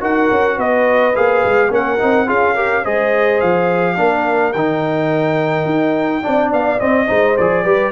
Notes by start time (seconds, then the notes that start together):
0.00 D#4 F#4 A#4 F#5
0.30 C#4
0.56 B3 B4 D#5
1.15 A#3 G#4 F5
1.45 G#3
1.69 A#3 C#4 A#4 F#5
1.98 C4 D#4
2.26 C#4 F4 G#4 F5
2.54 G4 A#4
2.83 G#3 G#4 C5 D#5
3.41 F3 F5
3.96 A#3 D4 A#4
4.52 D#3 D#4 G5
5.65 D#4
6.22 C4 D4 D5
6.52 B3 F5
6.79 C4 D#5
7.07 G#3 D#4 C5
7.37 F3 G#4 D5
7.64 G3 G4 B4